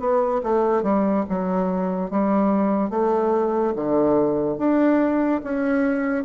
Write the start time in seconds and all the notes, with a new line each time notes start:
0.00 B3
0.44 A3
0.83 G3
1.30 F#3
2.11 G3
2.91 A3
3.76 D3
4.58 D4
5.44 C#4